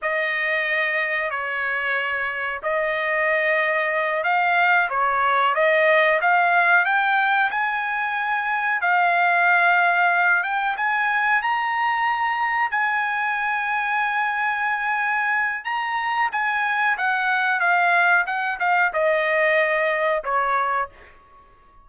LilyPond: \new Staff \with { instrumentName = "trumpet" } { \time 4/4 \tempo 4 = 92 dis''2 cis''2 | dis''2~ dis''8 f''4 cis''8~ | cis''8 dis''4 f''4 g''4 gis''8~ | gis''4. f''2~ f''8 |
g''8 gis''4 ais''2 gis''8~ | gis''1 | ais''4 gis''4 fis''4 f''4 | fis''8 f''8 dis''2 cis''4 | }